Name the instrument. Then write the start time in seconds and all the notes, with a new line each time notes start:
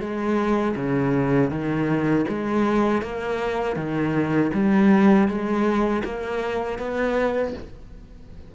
cello
0.00 G#3
0.76 C#3
1.50 D#3
2.28 G#3
3.02 A#3
3.76 D#3
4.53 G3
5.28 G#3
6.04 A#3
6.78 B3